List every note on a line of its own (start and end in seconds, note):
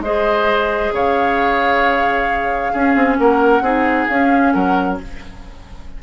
0.00 0.90 G#3
0.00 2.74 G#4
0.00 0.94 C5
0.00 0.93 D#5
0.92 2.73 C#3
0.92 2.72 C#5
0.92 3.17 F5
2.72 2.95 C#4
2.72 3.63 C#4
2.72 3.17 G#4
2.95 3.18 C4
3.17 3.61 A#3
3.17 3.63 A#4
3.17 4.07 F#5
3.61 4.06 C4
3.61 4.08 D#4
3.61 4.53 G#4
4.07 4.55 C#4
4.07 5.02 C#4
4.07 4.52 F5
4.52 5.00 F#3
4.52 4.98 A#4
4.52 4.97 F#5